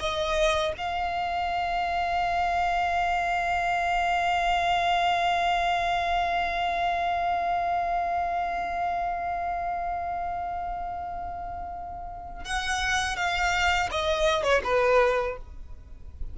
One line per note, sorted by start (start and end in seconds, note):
0.00 0.73 D#5
0.78 12.45 F5
12.45 13.16 F#5
13.16 13.90 F5
13.91 14.43 D#5
14.43 14.62 C#5
14.64 15.37 B4